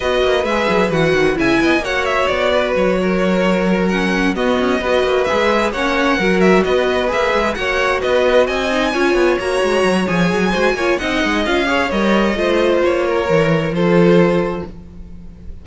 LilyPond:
<<
  \new Staff \with { instrumentName = "violin" } { \time 4/4 \tempo 4 = 131 dis''4 e''4 fis''4 gis''4 | fis''8 e''8 d''4 cis''2~ | cis''8 fis''4 dis''2 e''8~ | e''8 fis''4. e''8 dis''4 e''8~ |
e''8 fis''4 dis''4 gis''4.~ | gis''8 ais''4. gis''2 | fis''4 f''4 dis''2 | cis''2 c''2 | }
  \new Staff \with { instrumentName = "violin" } { \time 4/4 b'2. e''8 dis''8 | cis''4. b'4 ais'4.~ | ais'4. fis'4 b'4.~ | b'8 cis''4 ais'4 b'4.~ |
b'8 cis''4 b'4 dis''4 cis''8~ | cis''2. c''8 cis''8 | dis''4. cis''4. c''4~ | c''8 ais'4. a'2 | }
  \new Staff \with { instrumentName = "viola" } { \time 4/4 fis'4 gis'4 fis'4 e'4 | fis'1~ | fis'8 cis'4 b4 fis'4 gis'8~ | gis'8 cis'4 fis'2 gis'8~ |
gis'8 fis'2~ fis'8 dis'8 f'8~ | f'8 fis'4. gis'4 fis'8 f'8 | dis'4 f'8 gis'8 ais'4 f'4~ | f'4 ais'4 f'2 | }
  \new Staff \with { instrumentName = "cello" } { \time 4/4 b8 ais8 gis8 fis8 e8 dis8 cis8 b8 | ais4 b4 fis2~ | fis4. b8 cis'8 b8 ais8 gis8~ | gis8 ais4 fis4 b4 ais8 |
gis8 ais4 b4 c'4 cis'8 | b8 ais8 gis8 fis8 f8 fis8 gis8 ais8 | c'8 gis8 cis'4 g4 a4 | ais4 e4 f2 | }
>>